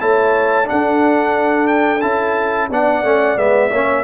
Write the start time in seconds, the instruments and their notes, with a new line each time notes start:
0.00 tuba A3, trombone E4, horn C#5, trumpet A5
0.64 trombone D4, horn A4, trumpet F#5
0.71 tuba D4
1.67 trumpet G5
2.01 tuba C#4, trombone E4, trumpet A5
2.70 tuba B3, trombone D4, horn D5, trumpet F#5
3.03 tuba A3, trombone C#4
3.36 tuba G#3, trombone B3, trumpet E5
3.70 tuba A#3, trombone C#4, horn C#5